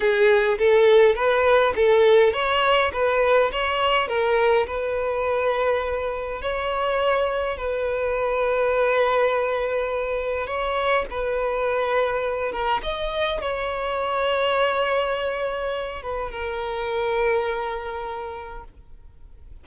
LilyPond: \new Staff \with { instrumentName = "violin" } { \time 4/4 \tempo 4 = 103 gis'4 a'4 b'4 a'4 | cis''4 b'4 cis''4 ais'4 | b'2. cis''4~ | cis''4 b'2.~ |
b'2 cis''4 b'4~ | b'4. ais'8 dis''4 cis''4~ | cis''2.~ cis''8 b'8 | ais'1 | }